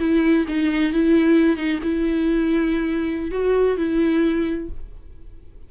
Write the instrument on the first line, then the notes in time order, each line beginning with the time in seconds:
viola
0.00 E4
0.48 D#4
0.93 E4
1.57 D#4
1.83 E4
3.31 F#4
3.78 E4